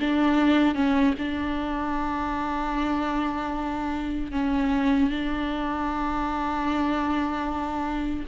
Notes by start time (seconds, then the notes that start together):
0.00 D4
0.75 C#4
1.18 D4
4.32 C#4
5.10 D4